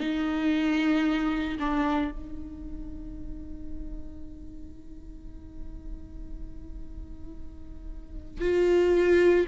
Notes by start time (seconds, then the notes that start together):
0.00 D#4
1.59 D4
2.12 D#4
8.41 F4